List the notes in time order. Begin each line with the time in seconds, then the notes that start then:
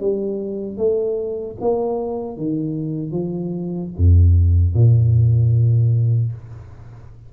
0.00 G3
0.77 A3
1.60 A#3
2.37 D#3
3.11 F3
3.97 F2
4.74 A#2